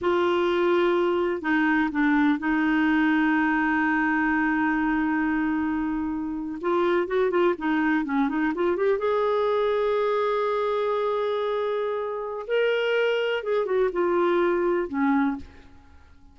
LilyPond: \new Staff \with { instrumentName = "clarinet" } { \time 4/4 \tempo 4 = 125 f'2. dis'4 | d'4 dis'2.~ | dis'1~ | dis'4.~ dis'16 f'4 fis'8 f'8 dis'16~ |
dis'8. cis'8 dis'8 f'8 g'8 gis'4~ gis'16~ | gis'1~ | gis'2 ais'2 | gis'8 fis'8 f'2 cis'4 | }